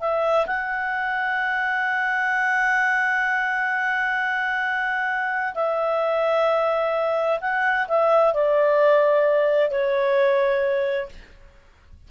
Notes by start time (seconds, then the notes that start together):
0.00 E5
0.46 F#5
5.54 E5
7.41 F#5
7.88 E5
8.33 D5
9.70 C#5